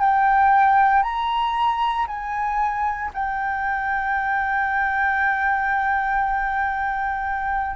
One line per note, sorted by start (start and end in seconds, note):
0.00 1.03 G5
1.03 2.06 A#5
2.07 3.11 G#5
3.13 7.76 G5